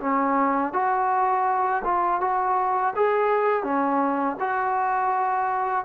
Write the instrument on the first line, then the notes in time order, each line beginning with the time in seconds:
trombone
0.00 C#4
0.73 F#4
1.84 F4
2.21 F#4
2.96 G#4
3.64 C#4
4.40 F#4